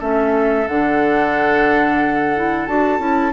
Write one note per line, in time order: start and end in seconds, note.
0.00 0.67 A3
0.00 0.67 C#4
0.00 3.33 A4
0.00 0.68 E5
0.68 2.68 D3
0.68 2.37 D4
0.68 2.67 F#5
2.37 2.68 E4
2.67 3.00 D4
2.67 3.00 F#4
2.67 3.33 A5
3.00 3.33 C#4
3.00 3.33 E4